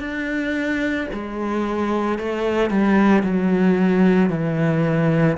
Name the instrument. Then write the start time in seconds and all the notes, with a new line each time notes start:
cello
0.00 D4
1.13 G#3
2.19 A3
2.70 G3
3.23 F#3
4.30 E3